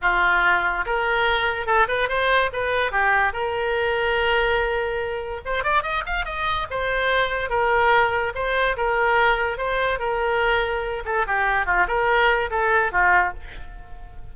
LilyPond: \new Staff \with { instrumentName = "oboe" } { \time 4/4 \tempo 4 = 144 f'2 ais'2 | a'8 b'8 c''4 b'4 g'4 | ais'1~ | ais'4 c''8 d''8 dis''8 f''8 dis''4 |
c''2 ais'2 | c''4 ais'2 c''4 | ais'2~ ais'8 a'8 g'4 | f'8 ais'4. a'4 f'4 | }